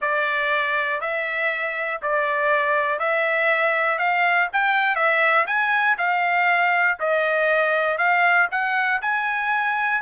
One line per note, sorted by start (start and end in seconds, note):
0.01 1.00 D5
1.00 2.00 E5
2.01 2.99 D5
2.99 3.98 E5
3.98 4.48 F5
4.52 4.95 G5
4.95 5.45 E5
5.46 5.96 G#5
5.97 6.97 F5
6.99 7.98 D#5
7.98 8.48 F5
8.51 9.01 F#5
9.01 10.01 G#5